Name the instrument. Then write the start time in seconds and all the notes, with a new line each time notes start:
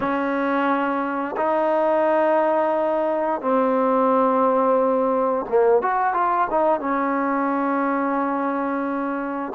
trombone
0.00 C#4
1.36 D#4
3.41 C4
5.49 A#3
5.82 F#4
6.13 F4
6.50 D#4
6.80 C#4